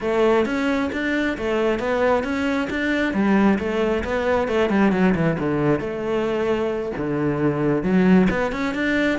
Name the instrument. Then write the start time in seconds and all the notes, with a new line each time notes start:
cello
0.00 A3
0.45 C#4
0.92 D4
1.37 A3
1.79 B3
2.23 C#4
2.70 D4
3.13 G3
3.59 A3
4.04 B3
4.48 A3
4.69 G3
4.92 F#3
5.15 E3
5.39 D3
5.80 A3
6.97 D3
7.83 F#3
8.30 B3
8.52 C#4
8.74 D4